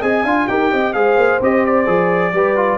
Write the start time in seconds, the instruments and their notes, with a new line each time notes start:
0.00 tuba C4, trombone G#4, horn D#5, trumpet G#5
0.24 tuba D4, trombone F4, horn F5
0.48 tuba D#4, trombone G4, horn A#4, trumpet G5
0.72 tuba C4, horn D#5
0.94 tuba G#3, trombone G#4, horn C5, trumpet F5
1.17 tuba A#3
1.41 tuba C4, trombone G4, trumpet D#5
1.66 trumpet D5
1.87 tuba F3, trombone G#4
2.34 tuba G3, trombone G4, horn B4
2.57 trombone F4